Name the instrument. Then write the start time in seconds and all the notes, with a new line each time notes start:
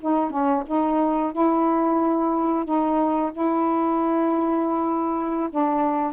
saxophone
0.00 D#4
0.30 C#4
0.66 D#4
1.32 E4
2.65 D#4
3.32 E4
5.50 D4